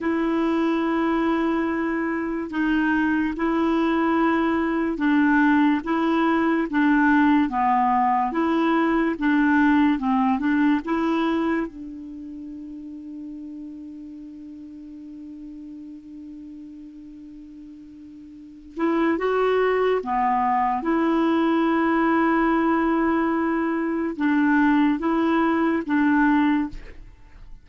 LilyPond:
\new Staff \with { instrumentName = "clarinet" } { \time 4/4 \tempo 4 = 72 e'2. dis'4 | e'2 d'4 e'4 | d'4 b4 e'4 d'4 | c'8 d'8 e'4 d'2~ |
d'1~ | d'2~ d'8 e'8 fis'4 | b4 e'2.~ | e'4 d'4 e'4 d'4 | }